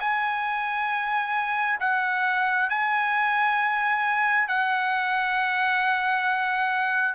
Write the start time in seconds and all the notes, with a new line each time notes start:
0.00 G#5
1.80 F#5
2.69 G#5
4.48 F#5